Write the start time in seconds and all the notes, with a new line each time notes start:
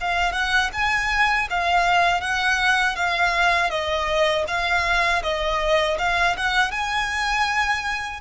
0.00 F5
0.32 F#5
0.73 G#5
1.50 F5
2.21 F#5
2.96 F5
3.70 D#5
4.47 F5
5.23 D#5
5.98 F5
6.36 F#5
6.71 G#5